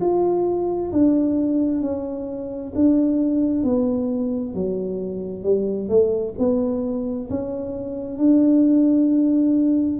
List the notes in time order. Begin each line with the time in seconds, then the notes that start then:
0.00 F4
0.92 D4
1.81 C#4
2.75 D4
3.63 B3
4.54 F#3
5.43 G3
5.88 A3
6.38 B3
7.30 C#4
8.17 D4